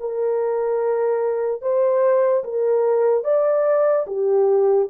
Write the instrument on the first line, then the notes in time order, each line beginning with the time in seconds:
horn
0.00 A#4
1.61 C5
2.44 A#4
3.24 D5
4.06 G4